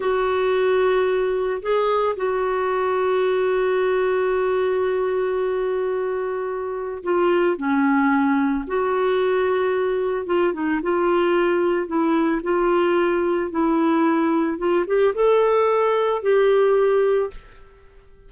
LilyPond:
\new Staff \with { instrumentName = "clarinet" } { \time 4/4 \tempo 4 = 111 fis'2. gis'4 | fis'1~ | fis'1~ | fis'4 f'4 cis'2 |
fis'2. f'8 dis'8 | f'2 e'4 f'4~ | f'4 e'2 f'8 g'8 | a'2 g'2 | }